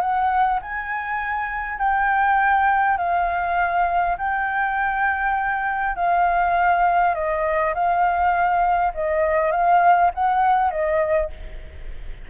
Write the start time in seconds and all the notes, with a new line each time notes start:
0.00 F#5
0.61 G#5
1.78 G5
2.97 F5
4.17 G5
5.95 F5
7.14 D#5
7.74 F5
8.94 D#5
9.51 F5
10.14 F#5
10.70 D#5